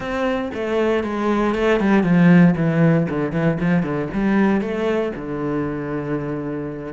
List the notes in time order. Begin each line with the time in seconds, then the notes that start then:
0.00 C4
0.54 A3
1.03 G#3
1.55 A3
1.80 G3
2.03 F3
2.56 E3
3.09 D3
3.32 E3
3.60 F3
3.83 D3
4.13 G3
4.61 A3
5.15 D3